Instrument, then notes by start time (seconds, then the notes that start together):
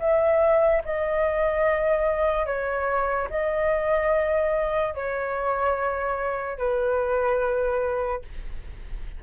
flute
0.00 E5
0.85 D#5
2.46 C#5
3.30 D#5
4.95 C#5
6.58 B4